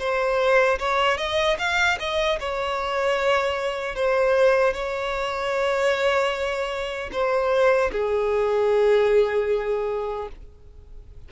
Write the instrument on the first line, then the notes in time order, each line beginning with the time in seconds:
violin
0.00 C5
0.79 C#5
1.18 D#5
1.59 F5
2.00 D#5
2.40 C#5
3.96 C5
4.74 C#5
7.12 C5
7.92 G#4